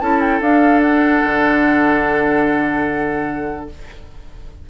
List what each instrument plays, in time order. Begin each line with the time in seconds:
0.00 bassoon C#4, clarinet E4, oboe A4, flute A5
0.20 flute G5
0.40 bassoon D4, clarinet D4, flute F5
0.81 flute F#5
1.23 bassoon D3